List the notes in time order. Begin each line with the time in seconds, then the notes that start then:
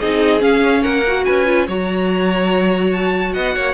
0.00 C4 D#4 G#4 D#5
0.40 C#4 F5
0.82 A#3 A#4 F#5
1.07 F#4
1.25 C#4 B4 G#5
1.46 F4
1.68 F#3 F#4 C#5 A#5
2.93 A5
3.33 B3 D#5 F#5
3.55 A#3 C#5